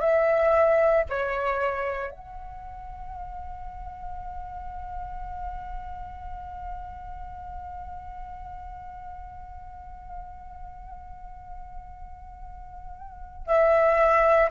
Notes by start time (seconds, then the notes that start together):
0.00 E5
1.09 C#5
2.11 F#5
13.46 E5